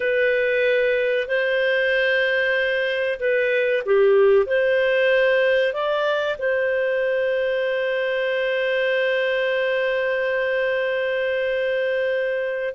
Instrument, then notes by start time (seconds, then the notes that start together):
clarinet
0.00 B4
1.27 C5
3.19 B4
3.85 G4
4.46 C5
5.73 D5
6.38 C5